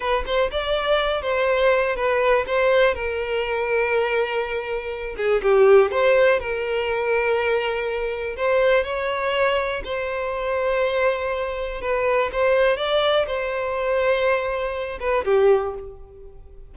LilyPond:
\new Staff \with { instrumentName = "violin" } { \time 4/4 \tempo 4 = 122 b'8 c''8 d''4. c''4. | b'4 c''4 ais'2~ | ais'2~ ais'8 gis'8 g'4 | c''4 ais'2.~ |
ais'4 c''4 cis''2 | c''1 | b'4 c''4 d''4 c''4~ | c''2~ c''8 b'8 g'4 | }